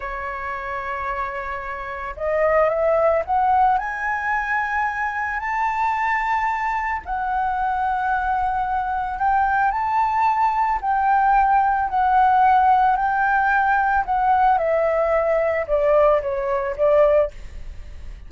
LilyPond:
\new Staff \with { instrumentName = "flute" } { \time 4/4 \tempo 4 = 111 cis''1 | dis''4 e''4 fis''4 gis''4~ | gis''2 a''2~ | a''4 fis''2.~ |
fis''4 g''4 a''2 | g''2 fis''2 | g''2 fis''4 e''4~ | e''4 d''4 cis''4 d''4 | }